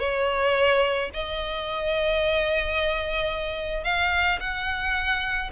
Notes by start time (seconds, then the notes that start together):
0.00 C#5
1.14 D#5
3.84 F5
4.40 F#5